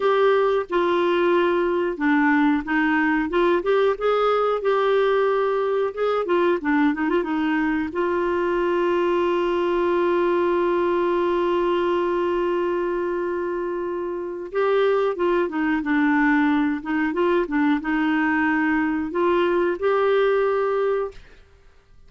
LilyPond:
\new Staff \with { instrumentName = "clarinet" } { \time 4/4 \tempo 4 = 91 g'4 f'2 d'4 | dis'4 f'8 g'8 gis'4 g'4~ | g'4 gis'8 f'8 d'8 dis'16 f'16 dis'4 | f'1~ |
f'1~ | f'2 g'4 f'8 dis'8 | d'4. dis'8 f'8 d'8 dis'4~ | dis'4 f'4 g'2 | }